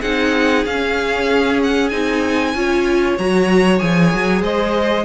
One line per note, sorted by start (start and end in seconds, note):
0.00 0.65 C4
0.00 0.66 D#4
0.00 2.53 G#4
0.00 0.64 F#5
0.65 1.91 C#4
0.65 1.60 F5
1.63 1.88 F#5
1.88 2.54 C4
1.88 2.54 D#4
1.88 3.14 G#5
2.54 3.17 C#4
2.54 3.18 F4
2.54 4.42 C#5
3.18 3.81 F#3
3.18 3.79 F#4
3.18 3.78 A#5
3.78 4.13 F3
3.78 5.05 G#4
3.78 4.41 G#5
4.13 4.41 F#3
4.41 5.04 G#3
4.41 5.05 C5
4.41 5.05 D#5